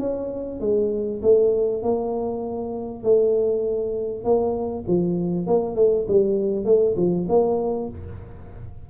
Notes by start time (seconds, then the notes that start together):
0.00 C#4
0.61 G#3
1.23 A3
1.83 A#3
3.04 A3
4.25 A#3
4.88 F3
5.47 A#3
5.76 A3
6.09 G3
6.66 A3
6.97 F3
7.29 A#3